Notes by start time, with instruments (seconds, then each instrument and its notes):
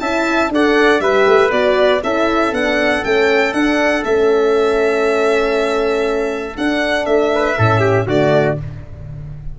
0.00 tuba C#4, horn E4, trumpet E5, violin A5
0.50 tuba D4, horn A4, trumpet D5, violin F#5
1.00 tuba G3, horn G4, trumpet B4, violin E5
1.26 tuba A3
1.51 tuba B3, horn F#4, violin D5
2.03 tuba C#4, horn E4, trumpet A4, violin E5
2.52 tuba B3, horn D4, violin F#5
3.04 tuba A3, horn C#4, violin G5
3.53 tuba D4, horn D4, violin F#5
4.04 tuba A3, horn C#4, violin E5
6.56 horn D4, tuba D4, violin F#5
7.06 tuba A3, violin E5
7.35 trumpet B4
7.57 tuba A2, horn C#4, trumpet A4
7.80 trumpet G4
8.07 tuba D3, horn A3, trumpet F#4, violin D5